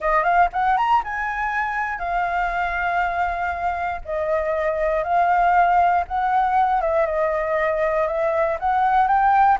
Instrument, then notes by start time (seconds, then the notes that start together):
flute
0.00 D#5
0.23 F5
0.52 F#5
0.77 A#5
1.03 G#5
1.98 F5
4.04 D#5
5.03 F5
6.07 F#5
6.81 E5
7.06 D#5
8.07 E5
8.59 F#5
9.07 G5